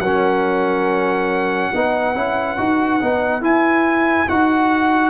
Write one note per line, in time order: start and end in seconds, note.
0.00 1.71 F#3
0.00 1.75 C#4
0.00 1.72 A#4
0.00 3.43 F#5
1.72 2.16 B3
1.72 2.15 D#4
1.72 5.11 B4
2.15 2.58 C#4
2.15 2.58 E4
2.58 3.02 D#4
2.58 3.01 F#4
3.01 3.42 B3
3.01 3.41 D#4
3.41 4.27 E4
3.41 4.29 G#5
4.29 5.11 D#4
4.29 5.11 F#4
4.29 5.11 F#5